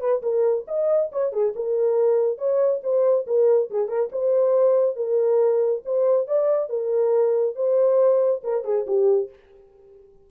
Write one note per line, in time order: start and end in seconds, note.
0.00 0.22 B4
0.22 0.65 A#4
0.67 1.10 D#5
1.12 1.32 C#5
1.32 1.54 G#4
1.55 2.38 A#4
2.38 2.81 C#5
2.83 3.26 C5
3.27 3.70 A#4
3.70 3.88 G#4
3.88 4.09 A#4
4.12 4.96 C5
4.96 5.82 A#4
5.85 6.27 C5
6.27 6.69 D5
6.69 7.55 A#4
7.55 8.42 C5
8.43 8.64 A#4
8.64 8.86 G#4
8.86 9.29 G4